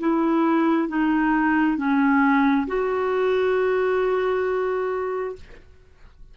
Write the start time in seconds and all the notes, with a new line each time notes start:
0.00 E4
0.89 D#4
1.77 C#4
2.67 F#4